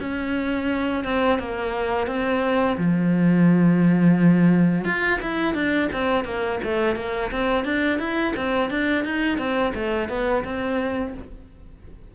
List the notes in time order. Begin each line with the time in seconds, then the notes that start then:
0.00 C#4
1.05 C4
1.39 A#3
2.07 C4
2.78 F3
4.85 F4
5.22 E4
5.54 D4
5.93 C4
6.25 A#3
6.64 A3
6.96 A#3
7.32 C4
7.65 D4
7.99 E4
8.37 C4
8.71 D4
9.05 D#4
9.39 C4
9.75 A3
10.09 B3
10.45 C4